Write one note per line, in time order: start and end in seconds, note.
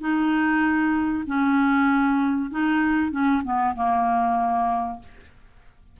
0.00 1.24 D#4
1.27 2.50 C#4
2.51 3.11 D#4
3.11 3.42 C#4
3.44 3.75 B3
3.75 4.99 A#3